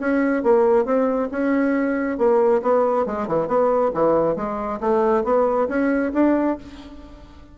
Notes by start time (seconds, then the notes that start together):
0.00 C#4
0.43 A#3
0.85 C4
1.32 C#4
2.18 A#3
2.62 B3
3.06 G#3
3.27 E3
3.48 B3
3.94 E3
4.36 G#3
4.81 A3
5.24 B3
5.69 C#4
6.14 D4